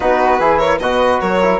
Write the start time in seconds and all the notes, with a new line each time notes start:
0.00 B3 D#4 F#4 B4
0.39 E3 E4 G#4
0.58 A#4 C#5
0.79 B2 F#4 B4 D#5
1.20 F#3 A#4 C#5
1.42 E4